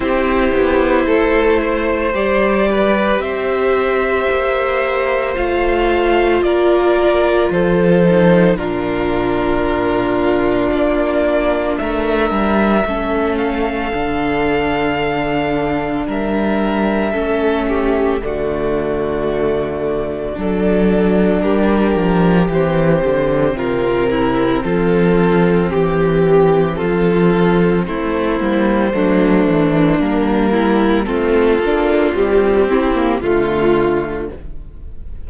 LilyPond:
<<
  \new Staff \with { instrumentName = "violin" } { \time 4/4 \tempo 4 = 56 c''2 d''4 e''4~ | e''4 f''4 d''4 c''4 | ais'2 d''4 e''4~ | e''8 f''2~ f''8 e''4~ |
e''4 d''2. | ais'4 c''4 ais'4 a'4 | g'4 a'4 c''2 | ais'4 a'4 g'4 f'4 | }
  \new Staff \with { instrumentName = "violin" } { \time 4/4 g'4 a'8 c''4 b'8 c''4~ | c''2 ais'4 a'4 | f'2. ais'4 | a'2. ais'4 |
a'8 g'8 fis'2 a'4 | g'2 f'8 e'8 f'4 | g'4 f'4 e'4 d'4~ | d'8 e'8 f'4. e'8 f'4 | }
  \new Staff \with { instrumentName = "viola" } { \time 4/4 e'2 g'2~ | g'4 f'2~ f'8 dis'8 | d'1 | cis'4 d'2. |
cis'4 a2 d'4~ | d'4 c'2.~ | c'2~ c'8 ais8 a4 | ais4 c'8 d'8 g8 c'16 ais16 a4 | }
  \new Staff \with { instrumentName = "cello" } { \time 4/4 c'8 b8 a4 g4 c'4 | ais4 a4 ais4 f4 | ais,2 ais4 a8 g8 | a4 d2 g4 |
a4 d2 fis4 | g8 f8 e8 d8 c4 f4 | e4 f4 a8 g8 fis8 e8 | g4 a8 ais8 c'4 d4 | }
>>